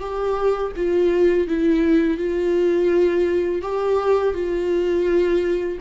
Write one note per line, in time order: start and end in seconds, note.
0.00 0.72 G4
0.76 1.48 F4
1.48 2.18 E4
2.18 3.62 F4
3.62 4.34 G4
4.34 5.79 F4